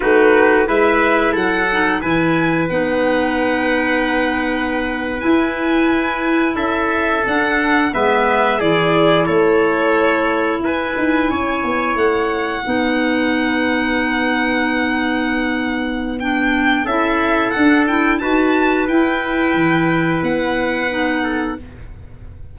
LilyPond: <<
  \new Staff \with { instrumentName = "violin" } { \time 4/4 \tempo 4 = 89 b'4 e''4 fis''4 gis''4 | fis''2.~ fis''8. gis''16~ | gis''4.~ gis''16 e''4 fis''4 e''16~ | e''8. d''4 cis''2 gis''16~ |
gis''4.~ gis''16 fis''2~ fis''16~ | fis''1 | g''4 e''4 fis''8 g''8 a''4 | g''2 fis''2 | }
  \new Staff \with { instrumentName = "trumpet" } { \time 4/4 fis'4 b'4 a'4 b'4~ | b'1~ | b'4.~ b'16 a'2 b'16~ | b'8. gis'4 a'2 b'16~ |
b'8. cis''2 b'4~ b'16~ | b'1~ | b'4 a'2 b'4~ | b'2.~ b'8 a'8 | }
  \new Staff \with { instrumentName = "clarinet" } { \time 4/4 dis'4 e'4. dis'8 e'4 | dis'2.~ dis'8. e'16~ | e'2~ e'8. d'4 b16~ | b8. e'2.~ e'16~ |
e'2~ e'8. dis'4~ dis'16~ | dis'1 | d'4 e'4 d'8 e'8 fis'4 | e'2. dis'4 | }
  \new Staff \with { instrumentName = "tuba" } { \time 4/4 a4 gis4 fis4 e4 | b2.~ b8. e'16~ | e'4.~ e'16 cis'4 d'4 gis16~ | gis8. e4 a2 e'16~ |
e'16 dis'8 cis'8 b8 a4 b4~ b16~ | b1~ | b4 cis'4 d'4 dis'4 | e'4 e4 b2 | }
>>